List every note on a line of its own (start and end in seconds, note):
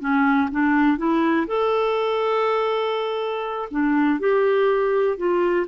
0.00 0.49 C#4
0.51 0.98 D4
0.98 1.47 E4
1.47 3.69 A4
3.71 4.20 D4
4.20 5.17 G4
5.17 5.66 F4